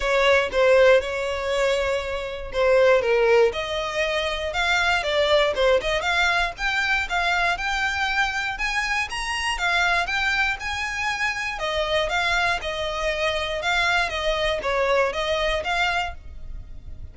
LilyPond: \new Staff \with { instrumentName = "violin" } { \time 4/4 \tempo 4 = 119 cis''4 c''4 cis''2~ | cis''4 c''4 ais'4 dis''4~ | dis''4 f''4 d''4 c''8 dis''8 | f''4 g''4 f''4 g''4~ |
g''4 gis''4 ais''4 f''4 | g''4 gis''2 dis''4 | f''4 dis''2 f''4 | dis''4 cis''4 dis''4 f''4 | }